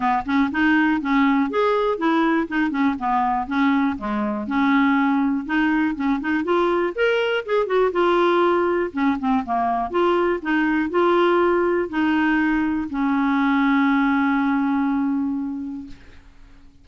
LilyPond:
\new Staff \with { instrumentName = "clarinet" } { \time 4/4 \tempo 4 = 121 b8 cis'8 dis'4 cis'4 gis'4 | e'4 dis'8 cis'8 b4 cis'4 | gis4 cis'2 dis'4 | cis'8 dis'8 f'4 ais'4 gis'8 fis'8 |
f'2 cis'8 c'8 ais4 | f'4 dis'4 f'2 | dis'2 cis'2~ | cis'1 | }